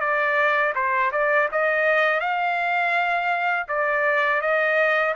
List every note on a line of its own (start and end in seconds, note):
0.00 0.73 D5
0.75 1.11 C5
1.11 1.48 D5
1.51 2.20 D#5
2.20 3.66 F5
3.68 4.41 D5
4.41 5.14 D#5